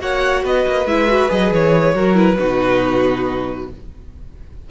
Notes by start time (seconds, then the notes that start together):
0.00 A#3 F#4 C#5 F#5
0.44 B3 B4 D#5
0.68 A#3
0.86 G#3 E4 E5
1.08 F#4
1.30 F#3 G#4 D#5
1.52 E3 C#5
1.95 F#3 F#4 A#4
2.15 E4 B4
2.39 B2 D#4 F#4